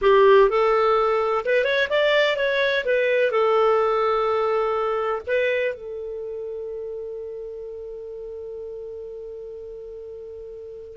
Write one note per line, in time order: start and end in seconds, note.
0.01 0.49 G4
0.49 1.44 A4
1.45 1.64 B4
1.64 1.88 C#5
1.89 2.37 D5
2.37 2.84 C#5
2.85 3.31 B4
3.31 5.21 A4
5.26 5.74 B4
5.74 10.97 A4